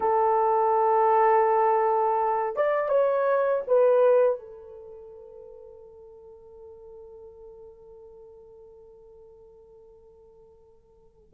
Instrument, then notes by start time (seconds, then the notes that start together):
horn
0.00 A4
2.55 D5
2.88 C#5
3.67 B4
4.39 A4